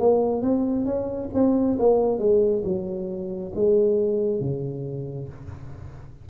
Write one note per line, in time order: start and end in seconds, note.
0.00 0.43 A#3
0.43 0.86 C4
0.86 1.30 C#4
1.34 1.78 C4
1.80 2.19 A#3
2.19 2.63 G#3
2.65 3.53 F#3
3.55 4.41 G#3
4.41 5.29 C#3